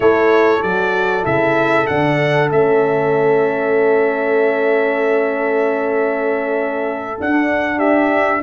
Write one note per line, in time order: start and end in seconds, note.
0.00 0.62 A3
0.00 0.60 E4
0.00 7.77 A4
0.00 0.62 C#5
0.62 1.25 F#3
0.62 1.23 F#4
0.62 1.24 D5
1.23 1.88 C#3
1.23 1.85 E4
1.23 1.86 E5
1.86 2.50 D3
1.86 2.49 D4
1.86 2.49 F#5
2.49 7.19 A3
2.49 7.18 C#4
2.49 7.20 E5
7.18 8.43 D4
7.18 7.79 F#5
7.77 8.40 G4
7.77 8.41 E5